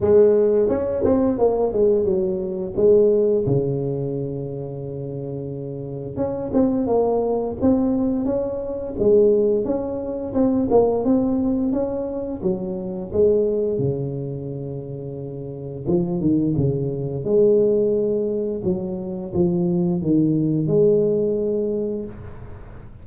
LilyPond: \new Staff \with { instrumentName = "tuba" } { \time 4/4 \tempo 4 = 87 gis4 cis'8 c'8 ais8 gis8 fis4 | gis4 cis2.~ | cis4 cis'8 c'8 ais4 c'4 | cis'4 gis4 cis'4 c'8 ais8 |
c'4 cis'4 fis4 gis4 | cis2. f8 dis8 | cis4 gis2 fis4 | f4 dis4 gis2 | }